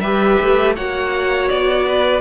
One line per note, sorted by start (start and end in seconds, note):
0.00 0.37 G3
0.00 0.76 G4
0.00 0.75 B4
0.00 0.73 E5
0.41 0.78 A3
0.76 1.51 A#3
0.76 2.21 F#4
0.76 1.86 C#5
0.76 1.49 F#5
1.49 2.21 B3
1.49 2.21 D5
1.87 2.21 B4